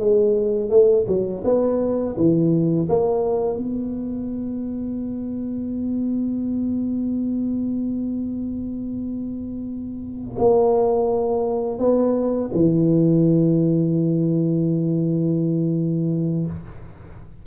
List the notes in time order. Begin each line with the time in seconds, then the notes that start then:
0.00 G#3
0.70 A3
1.08 F#3
1.45 B3
2.17 E3
2.89 A#3
3.58 B3
10.39 A#3
11.79 B3
12.54 E3